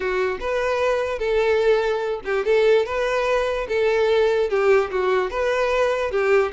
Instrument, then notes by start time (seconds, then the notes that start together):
violin
0.00 F#4
0.40 B4
1.18 A4
2.24 G4
2.45 A4
2.85 B4
3.68 A4
4.49 G4
4.90 F#4
5.30 B4
6.11 G4